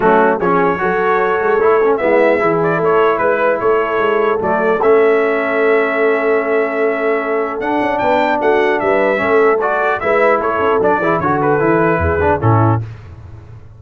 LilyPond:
<<
  \new Staff \with { instrumentName = "trumpet" } { \time 4/4 \tempo 4 = 150 fis'4 cis''2.~ | cis''4 e''4. d''8 cis''4 | b'4 cis''2 d''4 | e''1~ |
e''2. fis''4 | g''4 fis''4 e''2 | d''4 e''4 cis''4 d''4 | cis''8 b'2~ b'8 a'4 | }
  \new Staff \with { instrumentName = "horn" } { \time 4/4 cis'4 gis'4 a'2~ | a'4 e'4 gis'4 a'4 | b'4 a'2.~ | a'1~ |
a'1 | b'4 fis'4 b'4 a'4~ | a'4 b'4 a'4. gis'8 | a'2 gis'4 e'4 | }
  \new Staff \with { instrumentName = "trombone" } { \time 4/4 a4 cis'4 fis'2 | e'8 cis'8 b4 e'2~ | e'2. a4 | cis'1~ |
cis'2. d'4~ | d'2. cis'4 | fis'4 e'2 d'8 e'8 | fis'4 e'4. d'8 cis'4 | }
  \new Staff \with { instrumentName = "tuba" } { \time 4/4 fis4 f4 fis4. gis8 | a4 gis4 e4 a4 | gis4 a4 gis4 fis4 | a1~ |
a2. d'8 cis'8 | b4 a4 g4 a4~ | a4 gis4 a8 cis'8 fis8 e8 | d4 e4 e,4 a,4 | }
>>